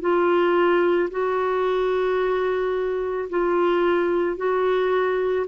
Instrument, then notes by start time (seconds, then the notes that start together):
clarinet
0.00 F4
1.10 F#4
3.29 F4
4.37 F#4